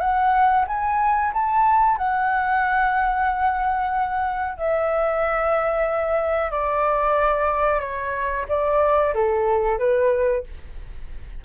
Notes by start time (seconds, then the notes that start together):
0.00 F#5
0.67 G#5
1.33 A5
1.97 F#5
4.57 E5
6.51 D5
7.80 C#5
8.49 D5
9.14 A4
9.79 B4